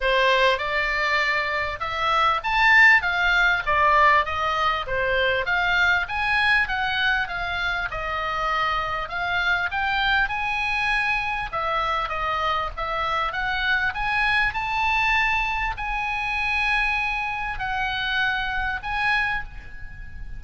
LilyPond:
\new Staff \with { instrumentName = "oboe" } { \time 4/4 \tempo 4 = 99 c''4 d''2 e''4 | a''4 f''4 d''4 dis''4 | c''4 f''4 gis''4 fis''4 | f''4 dis''2 f''4 |
g''4 gis''2 e''4 | dis''4 e''4 fis''4 gis''4 | a''2 gis''2~ | gis''4 fis''2 gis''4 | }